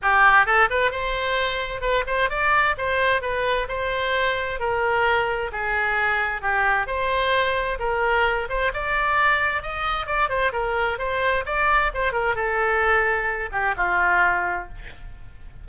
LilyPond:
\new Staff \with { instrumentName = "oboe" } { \time 4/4 \tempo 4 = 131 g'4 a'8 b'8 c''2 | b'8 c''8 d''4 c''4 b'4 | c''2 ais'2 | gis'2 g'4 c''4~ |
c''4 ais'4. c''8 d''4~ | d''4 dis''4 d''8 c''8 ais'4 | c''4 d''4 c''8 ais'8 a'4~ | a'4. g'8 f'2 | }